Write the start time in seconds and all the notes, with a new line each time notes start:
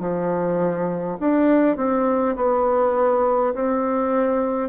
0.00 F3
1.20 D4
1.76 C4
2.36 B3
3.54 C4